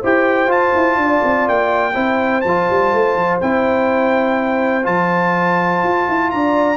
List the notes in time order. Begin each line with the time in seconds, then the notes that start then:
0.00 E4 G4 C5 G5
0.47 F4 A5
0.75 E4
0.96 D4 D5
1.23 C4
1.48 A#3 G5
1.93 C4 E4 C5
2.40 F3 A5
2.47 F4
2.69 G3
2.93 A3
3.15 F3
3.40 C4 E4 G5
4.82 F3 F4 A5
5.83 F4
6.08 E4
6.30 D4 D5 A#5